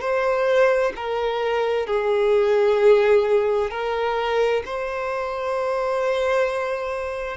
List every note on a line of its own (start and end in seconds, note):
0.00 0.92 C5
0.95 1.86 A#4
1.86 3.70 G#4
3.70 4.62 A#4
4.65 7.37 C5